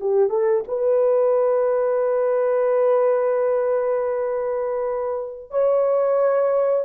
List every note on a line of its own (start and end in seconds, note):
0.00 0.29 G4
0.29 0.64 A4
0.68 5.50 B4
5.50 6.85 C#5